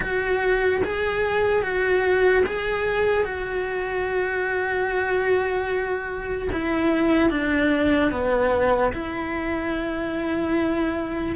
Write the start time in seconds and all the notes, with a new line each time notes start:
0.00 F#4
0.84 G#4
1.62 F#4
2.45 G#4
3.24 F#4
6.52 E4
7.30 D4
8.11 B3
8.92 E4